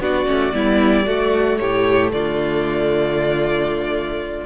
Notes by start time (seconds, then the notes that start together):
0.00 B3 D4 F#4 D5
0.26 A3 C#4
0.53 G3 B3 E4
1.06 A3 F#4
1.57 A2 G4 C#5
2.11 D3 F4 D5